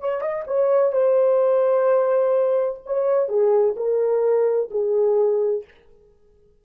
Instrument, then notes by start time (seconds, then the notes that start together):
horn
0.00 C#5
0.21 D#5
0.47 C#5
0.92 C5
2.86 C#5
3.28 G#4
3.76 A#4
4.70 G#4